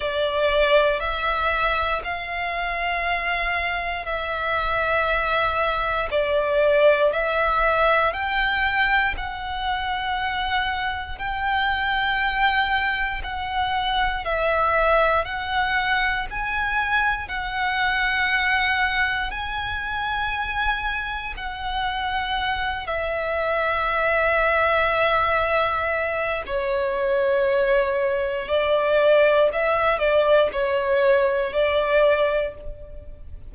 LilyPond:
\new Staff \with { instrumentName = "violin" } { \time 4/4 \tempo 4 = 59 d''4 e''4 f''2 | e''2 d''4 e''4 | g''4 fis''2 g''4~ | g''4 fis''4 e''4 fis''4 |
gis''4 fis''2 gis''4~ | gis''4 fis''4. e''4.~ | e''2 cis''2 | d''4 e''8 d''8 cis''4 d''4 | }